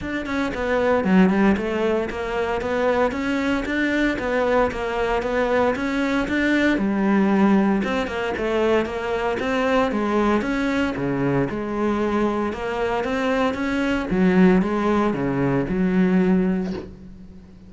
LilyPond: \new Staff \with { instrumentName = "cello" } { \time 4/4 \tempo 4 = 115 d'8 cis'8 b4 fis8 g8 a4 | ais4 b4 cis'4 d'4 | b4 ais4 b4 cis'4 | d'4 g2 c'8 ais8 |
a4 ais4 c'4 gis4 | cis'4 cis4 gis2 | ais4 c'4 cis'4 fis4 | gis4 cis4 fis2 | }